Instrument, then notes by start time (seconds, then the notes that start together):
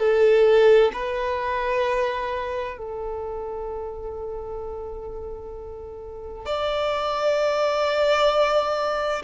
violin
0.00 A4
0.94 B4
2.78 A4
6.46 D5